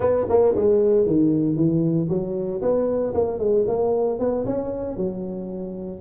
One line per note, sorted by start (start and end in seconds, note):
0.00 0.26 B3
0.29 0.55 A#3
0.55 1.06 G#3
1.06 1.55 D#3
1.55 2.08 E3
2.08 2.61 F#3
2.61 3.13 B3
3.14 3.38 A#3
3.38 3.65 G#3
3.67 4.19 A#3
4.19 4.45 B3
4.45 4.96 C#4
4.96 6.00 F#3